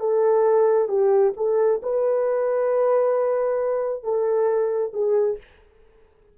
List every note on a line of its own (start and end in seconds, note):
0.00 0.89 A4
0.89 1.34 G4
1.37 1.82 A4
1.83 4.04 B4
4.04 4.93 A4
4.93 5.38 G#4